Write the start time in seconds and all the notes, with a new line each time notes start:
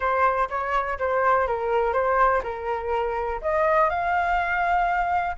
0.00 C5
0.49 C#5
0.98 C5
1.47 A#4
1.93 C5
2.43 A#4
3.41 D#5
3.89 F5